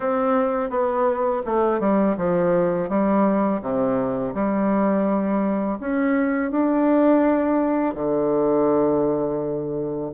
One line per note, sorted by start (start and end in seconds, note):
0.00 0.70 C4
0.70 1.42 B3
1.45 1.80 A3
1.80 2.16 G3
2.17 2.89 F3
2.89 3.61 G3
3.61 4.33 C3
4.34 5.78 G3
5.80 6.51 C#4
6.51 7.94 D4
7.94 10.11 D3